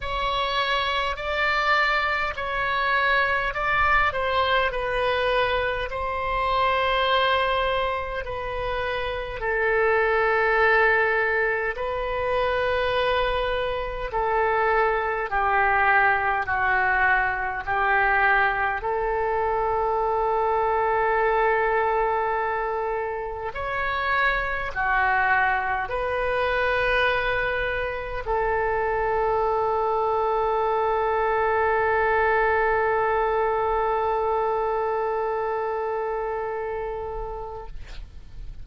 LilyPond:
\new Staff \with { instrumentName = "oboe" } { \time 4/4 \tempo 4 = 51 cis''4 d''4 cis''4 d''8 c''8 | b'4 c''2 b'4 | a'2 b'2 | a'4 g'4 fis'4 g'4 |
a'1 | cis''4 fis'4 b'2 | a'1~ | a'1 | }